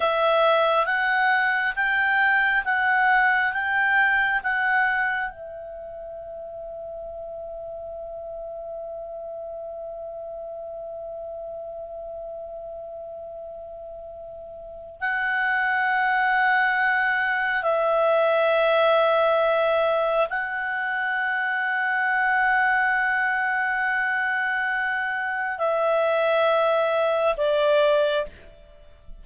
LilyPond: \new Staff \with { instrumentName = "clarinet" } { \time 4/4 \tempo 4 = 68 e''4 fis''4 g''4 fis''4 | g''4 fis''4 e''2~ | e''1~ | e''1~ |
e''4 fis''2. | e''2. fis''4~ | fis''1~ | fis''4 e''2 d''4 | }